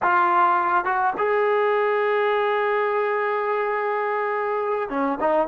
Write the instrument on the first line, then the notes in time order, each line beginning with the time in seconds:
trombone
0.02 F4
0.84 F#4
1.17 G#4
4.89 C#4
5.20 D#4